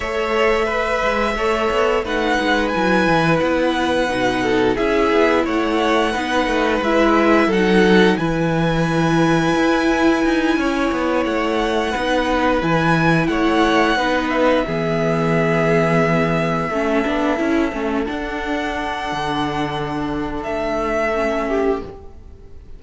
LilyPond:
<<
  \new Staff \with { instrumentName = "violin" } { \time 4/4 \tempo 4 = 88 e''2. fis''4 | gis''4 fis''2 e''4 | fis''2 e''4 fis''4 | gis''1~ |
gis''8 fis''2 gis''4 fis''8~ | fis''4 e''2.~ | e''2~ e''8 fis''4.~ | fis''2 e''2 | }
  \new Staff \with { instrumentName = "violin" } { \time 4/4 cis''4 b'4 cis''4 b'4~ | b'2~ b'8 a'8 gis'4 | cis''4 b'2 a'4 | b'2.~ b'8 cis''8~ |
cis''4. b'2 cis''8~ | cis''8 b'4 gis'2~ gis'8~ | gis'8 a'2.~ a'8~ | a'2.~ a'8 g'8 | }
  \new Staff \with { instrumentName = "viola" } { \time 4/4 a'4 b'4 a'4 dis'4 | e'2 dis'4 e'4~ | e'4 dis'4 e'4 dis'4 | e'1~ |
e'4. dis'4 e'4.~ | e'8 dis'4 b2~ b8~ | b8 cis'8 d'8 e'8 cis'8 d'4.~ | d'2. cis'4 | }
  \new Staff \with { instrumentName = "cello" } { \time 4/4 a4. gis8 a8 b8 a8 gis8 | fis8 e8 b4 b,4 cis'8 b8 | a4 b8 a8 gis4 fis4 | e2 e'4 dis'8 cis'8 |
b8 a4 b4 e4 a8~ | a8 b4 e2~ e8~ | e8 a8 b8 cis'8 a8 d'4. | d2 a2 | }
>>